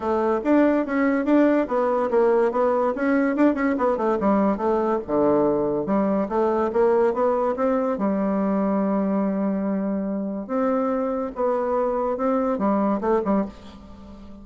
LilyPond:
\new Staff \with { instrumentName = "bassoon" } { \time 4/4 \tempo 4 = 143 a4 d'4 cis'4 d'4 | b4 ais4 b4 cis'4 | d'8 cis'8 b8 a8 g4 a4 | d2 g4 a4 |
ais4 b4 c'4 g4~ | g1~ | g4 c'2 b4~ | b4 c'4 g4 a8 g8 | }